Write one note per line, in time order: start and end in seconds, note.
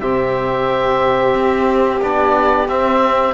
0.00 1.35 C3
0.00 2.00 C4
0.00 3.34 G4
0.00 2.01 E5
1.35 2.02 C4
2.01 2.68 B3
2.01 2.67 D4
2.01 2.69 D5
2.68 3.34 C4
2.68 3.34 E5